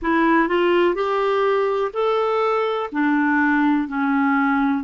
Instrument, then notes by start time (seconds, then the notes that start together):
clarinet
0.02 E4
0.48 F4
0.94 G4
1.93 A4
2.92 D4
3.88 C#4